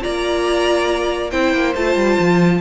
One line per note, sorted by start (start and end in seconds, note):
0.00 1.32 A#3
0.00 1.29 F4
0.00 1.31 D5
0.00 1.30 A#5
1.30 1.53 C4
1.30 1.74 E4
1.30 2.60 C5
1.30 1.73 G5
1.53 1.74 A#3
1.75 1.95 A3
1.75 2.61 F4
1.75 2.61 A5
1.95 2.17 G3
2.19 2.61 F3